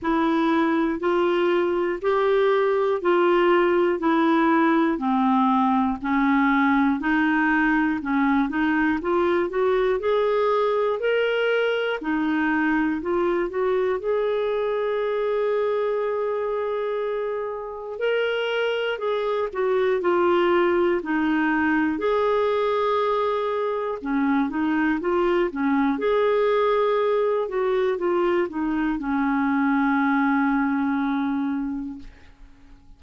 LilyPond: \new Staff \with { instrumentName = "clarinet" } { \time 4/4 \tempo 4 = 60 e'4 f'4 g'4 f'4 | e'4 c'4 cis'4 dis'4 | cis'8 dis'8 f'8 fis'8 gis'4 ais'4 | dis'4 f'8 fis'8 gis'2~ |
gis'2 ais'4 gis'8 fis'8 | f'4 dis'4 gis'2 | cis'8 dis'8 f'8 cis'8 gis'4. fis'8 | f'8 dis'8 cis'2. | }